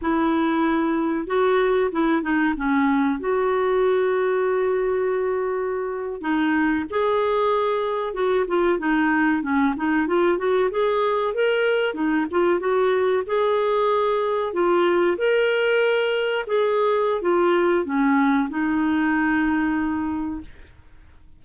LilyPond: \new Staff \with { instrumentName = "clarinet" } { \time 4/4 \tempo 4 = 94 e'2 fis'4 e'8 dis'8 | cis'4 fis'2.~ | fis'4.~ fis'16 dis'4 gis'4~ gis'16~ | gis'8. fis'8 f'8 dis'4 cis'8 dis'8 f'16~ |
f'16 fis'8 gis'4 ais'4 dis'8 f'8 fis'16~ | fis'8. gis'2 f'4 ais'16~ | ais'4.~ ais'16 gis'4~ gis'16 f'4 | cis'4 dis'2. | }